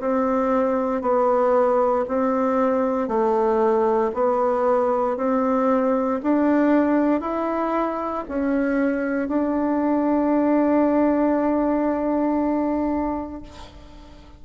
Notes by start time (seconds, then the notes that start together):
0.00 C4
1.02 B3
2.08 C4
3.08 A3
4.14 B3
5.17 C4
6.23 D4
7.21 E4
8.29 C#4
9.28 D4